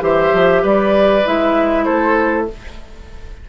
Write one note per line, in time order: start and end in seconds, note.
0.00 0.31 E3
0.00 1.22 G4
0.00 0.62 C5
0.00 0.66 E5
0.33 0.64 F3
0.62 1.25 G3
0.62 1.85 B4
0.62 1.27 D5
1.26 1.88 G#3
1.26 2.48 E4
1.26 1.85 E5
1.85 2.49 A3
1.85 2.46 A4
1.85 2.46 C5